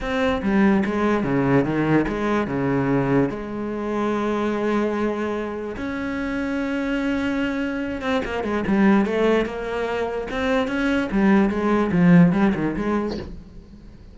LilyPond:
\new Staff \with { instrumentName = "cello" } { \time 4/4 \tempo 4 = 146 c'4 g4 gis4 cis4 | dis4 gis4 cis2 | gis1~ | gis2 cis'2~ |
cis'2.~ cis'8 c'8 | ais8 gis8 g4 a4 ais4~ | ais4 c'4 cis'4 g4 | gis4 f4 g8 dis8 gis4 | }